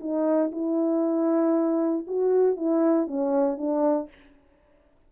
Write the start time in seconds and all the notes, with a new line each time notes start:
0.00 D#4
0.52 E4
2.07 F#4
2.56 E4
3.07 C#4
3.58 D4